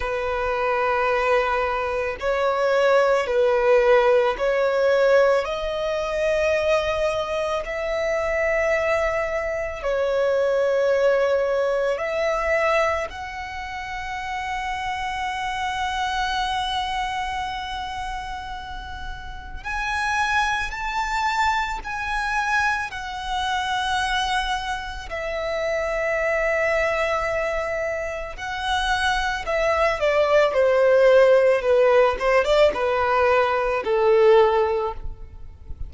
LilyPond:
\new Staff \with { instrumentName = "violin" } { \time 4/4 \tempo 4 = 55 b'2 cis''4 b'4 | cis''4 dis''2 e''4~ | e''4 cis''2 e''4 | fis''1~ |
fis''2 gis''4 a''4 | gis''4 fis''2 e''4~ | e''2 fis''4 e''8 d''8 | c''4 b'8 c''16 d''16 b'4 a'4 | }